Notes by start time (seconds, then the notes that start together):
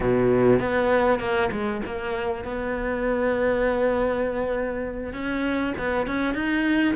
0.00 B2
0.59 B3
1.19 A#3
1.51 G#3
1.85 A#3
2.44 B3
5.13 C#4
5.78 B3
6.06 C#4
6.34 D#4